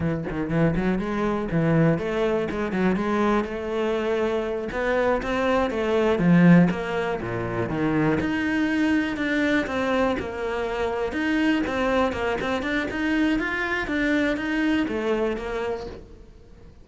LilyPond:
\new Staff \with { instrumentName = "cello" } { \time 4/4 \tempo 4 = 121 e8 dis8 e8 fis8 gis4 e4 | a4 gis8 fis8 gis4 a4~ | a4. b4 c'4 a8~ | a8 f4 ais4 ais,4 dis8~ |
dis8 dis'2 d'4 c'8~ | c'8 ais2 dis'4 c'8~ | c'8 ais8 c'8 d'8 dis'4 f'4 | d'4 dis'4 a4 ais4 | }